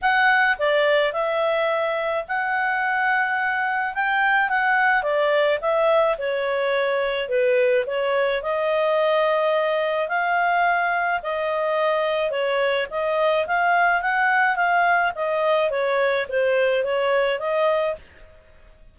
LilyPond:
\new Staff \with { instrumentName = "clarinet" } { \time 4/4 \tempo 4 = 107 fis''4 d''4 e''2 | fis''2. g''4 | fis''4 d''4 e''4 cis''4~ | cis''4 b'4 cis''4 dis''4~ |
dis''2 f''2 | dis''2 cis''4 dis''4 | f''4 fis''4 f''4 dis''4 | cis''4 c''4 cis''4 dis''4 | }